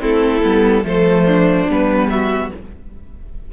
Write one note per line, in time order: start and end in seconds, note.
0.00 0.43 A3
0.00 0.42 C4
0.00 0.85 E4
0.00 0.86 A4
0.43 0.84 G3
0.43 0.84 B3
0.84 1.68 F3
0.84 1.68 A3
0.84 1.26 A4
0.84 1.71 C5
1.26 2.09 D4
1.68 2.52 G3
1.68 2.53 B3
1.68 2.10 B4
2.10 2.53 F#4
2.10 2.52 E5